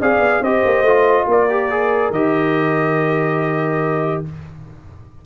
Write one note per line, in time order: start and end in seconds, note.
0.00 0.18 C4
0.00 0.43 G#4
0.00 0.42 D5
0.00 0.43 F5
0.18 0.39 B3
0.41 0.62 C4
0.41 0.86 G4
0.41 1.26 C5
0.41 1.28 D#5
0.65 0.82 A#3
0.82 1.24 A3
0.82 1.49 F4
1.27 2.10 A#3
1.27 4.24 A#4
1.27 2.12 D5
1.49 1.70 G4
1.71 2.13 G#4
2.10 4.21 D#3
2.10 4.25 G4
2.10 4.24 D#5